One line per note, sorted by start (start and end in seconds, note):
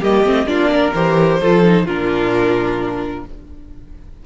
0.00 0.24 G3
0.00 0.25 A#3
0.00 0.46 G4
0.00 0.47 D#5
0.25 0.45 A3
0.25 0.46 C4
0.45 0.91 A#3
0.45 0.92 D4
0.45 0.70 F4
0.45 0.93 D5
0.70 1.40 A#4
0.94 1.41 E3
0.94 1.41 G4
0.94 1.87 C5
1.40 1.85 F3
1.40 1.64 F4
1.40 1.85 A4
1.64 1.87 D#4
1.85 3.24 A#2
1.85 3.25 D4
1.85 3.23 F4
1.85 3.25 A#4